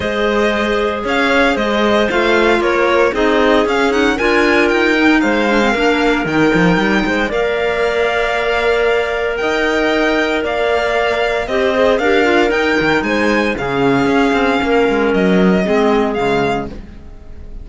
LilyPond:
<<
  \new Staff \with { instrumentName = "violin" } { \time 4/4 \tempo 4 = 115 dis''2 f''4 dis''4 | f''4 cis''4 dis''4 f''8 fis''8 | gis''4 g''4 f''2 | g''2 f''2~ |
f''2 g''2 | f''2 dis''4 f''4 | g''4 gis''4 f''2~ | f''4 dis''2 f''4 | }
  \new Staff \with { instrumentName = "clarinet" } { \time 4/4 c''2 cis''4 c''4~ | c''4 ais'4 gis'2 | ais'2 c''4 ais'4~ | ais'4. c''8 d''2~ |
d''2 dis''2 | d''2 c''4 ais'4~ | ais'4 c''4 gis'2 | ais'2 gis'2 | }
  \new Staff \with { instrumentName = "clarinet" } { \time 4/4 gis'1 | f'2 dis'4 cis'8 dis'8 | f'4. dis'4 d'16 c'16 d'4 | dis'2 ais'2~ |
ais'1~ | ais'2 g'8 gis'8 g'8 f'8 | dis'2 cis'2~ | cis'2 c'4 gis4 | }
  \new Staff \with { instrumentName = "cello" } { \time 4/4 gis2 cis'4 gis4 | a4 ais4 c'4 cis'4 | d'4 dis'4 gis4 ais4 | dis8 f8 g8 gis8 ais2~ |
ais2 dis'2 | ais2 c'4 d'4 | dis'8 dis8 gis4 cis4 cis'8 c'8 | ais8 gis8 fis4 gis4 cis4 | }
>>